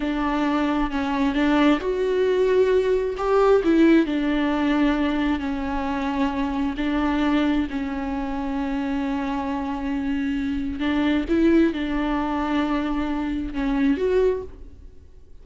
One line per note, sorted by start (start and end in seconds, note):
0.00 0.90 D4
0.90 1.34 C#4
1.34 1.79 D4
1.80 3.15 F#4
3.17 3.62 G4
3.64 4.06 E4
4.06 5.39 D4
5.39 6.74 C#4
6.77 7.67 D4
7.70 10.79 C#4
10.79 11.24 D4
11.28 11.73 E4
11.73 13.53 D4
13.53 13.97 C#4
13.97 14.42 F#4